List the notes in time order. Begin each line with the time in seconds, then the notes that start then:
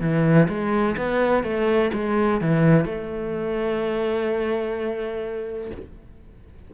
0.00 E3
0.48 G#3
0.97 B3
1.43 A3
1.93 G#3
2.41 E3
2.85 A3